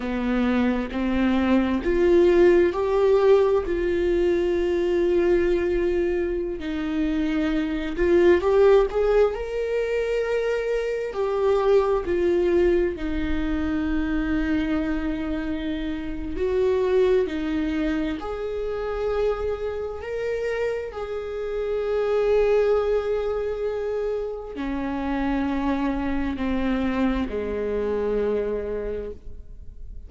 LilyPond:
\new Staff \with { instrumentName = "viola" } { \time 4/4 \tempo 4 = 66 b4 c'4 f'4 g'4 | f'2.~ f'16 dis'8.~ | dis'8. f'8 g'8 gis'8 ais'4.~ ais'16~ | ais'16 g'4 f'4 dis'4.~ dis'16~ |
dis'2 fis'4 dis'4 | gis'2 ais'4 gis'4~ | gis'2. cis'4~ | cis'4 c'4 gis2 | }